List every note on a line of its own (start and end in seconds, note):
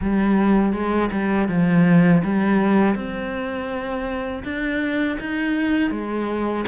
0.01 0.72 G3
0.72 1.09 G#3
1.11 1.48 G3
1.48 2.22 F3
2.23 2.95 G3
2.95 4.43 C4
4.44 5.18 D4
5.20 5.91 D#4
5.91 6.65 G#3